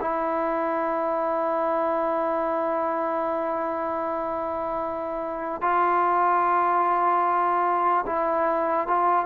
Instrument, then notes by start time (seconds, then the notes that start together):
trombone
0.00 E4
5.61 F4
8.06 E4
8.87 F4